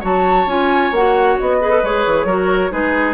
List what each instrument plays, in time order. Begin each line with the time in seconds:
0.00 bassoon F#3, clarinet F#4, oboe C#5, flute A5
0.46 bassoon C#4, clarinet F4, flute G#5
0.91 bassoon A#3, clarinet F#4, flute F#5
1.39 bassoon B3, flute D#5
1.61 clarinet G#4, oboe B4
1.70 clarinet A4
1.83 bassoon G#3, clarinet G#4, flute C#5
2.06 bassoon E3
2.25 bassoon F#3, clarinet F#4, oboe A#4
2.70 bassoon G#3, clarinet D#4, oboe G#4, flute B4